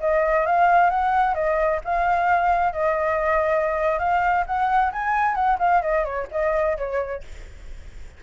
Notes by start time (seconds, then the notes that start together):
0.00 D#5
0.46 F5
0.90 F#5
1.34 D#5
1.84 F5
2.73 D#5
3.99 F5
4.46 F#5
4.92 G#5
5.35 F#5
5.59 F5
5.82 D#5
6.05 C#5
6.31 D#5
6.77 C#5